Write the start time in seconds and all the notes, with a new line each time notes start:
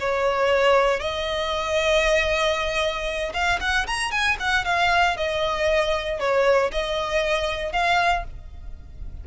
0.00 C#5
1.00 D#5
3.33 F5
3.60 F#5
3.87 A#5
4.11 G#5
4.39 F#5
4.65 F5
5.17 D#5
6.20 C#5
6.72 D#5
7.72 F5